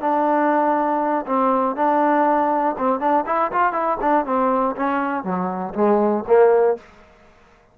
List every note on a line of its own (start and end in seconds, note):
0.00 1.25 D4
1.26 1.75 C4
1.75 2.75 D4
2.77 2.99 C4
2.99 3.24 D4
3.26 3.51 E4
3.51 3.72 F4
3.72 3.97 E4
4.01 4.25 D4
4.25 4.75 C4
4.75 5.23 C#4
5.23 5.73 F#3
5.74 6.24 G#3
6.27 6.77 A#3